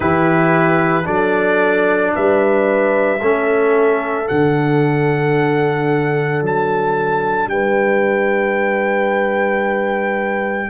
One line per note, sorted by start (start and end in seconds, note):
0.00 1.06 E3
0.00 1.04 E4
0.00 1.05 G4
0.00 1.06 B4
1.04 2.13 F#3
1.04 3.18 D4
1.04 2.12 A4
1.04 2.13 D5
2.14 3.21 G3
2.14 3.21 B4
2.14 4.27 E5
3.21 4.28 A3
3.21 4.25 C#4
3.21 7.49 A4
4.25 10.67 D4
4.25 6.42 F#5
4.31 6.42 D3
6.42 7.47 F#3
6.42 7.49 A5
7.47 10.68 G3
7.47 10.69 B4
7.47 10.69 G5